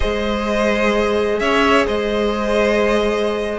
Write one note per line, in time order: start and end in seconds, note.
0.00 1.40 G#3
0.00 3.58 G#4
0.00 1.40 C5
0.00 1.39 D#5
1.39 1.86 C#4
1.39 1.86 C#5
1.39 1.85 E5
1.86 3.59 G#3
1.86 3.59 C5
1.86 3.59 D#5